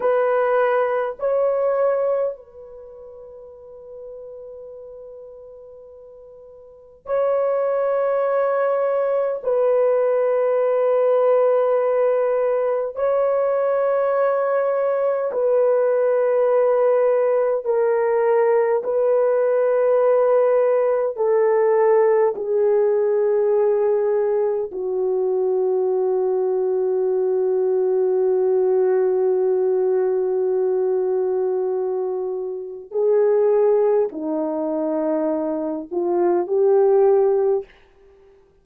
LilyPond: \new Staff \with { instrumentName = "horn" } { \time 4/4 \tempo 4 = 51 b'4 cis''4 b'2~ | b'2 cis''2 | b'2. cis''4~ | cis''4 b'2 ais'4 |
b'2 a'4 gis'4~ | gis'4 fis'2.~ | fis'1 | gis'4 dis'4. f'8 g'4 | }